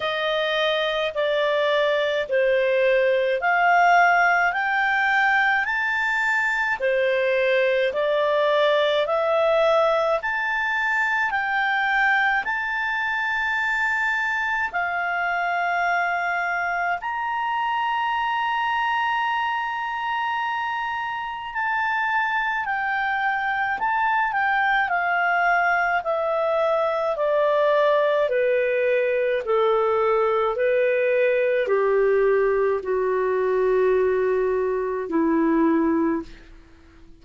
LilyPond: \new Staff \with { instrumentName = "clarinet" } { \time 4/4 \tempo 4 = 53 dis''4 d''4 c''4 f''4 | g''4 a''4 c''4 d''4 | e''4 a''4 g''4 a''4~ | a''4 f''2 ais''4~ |
ais''2. a''4 | g''4 a''8 g''8 f''4 e''4 | d''4 b'4 a'4 b'4 | g'4 fis'2 e'4 | }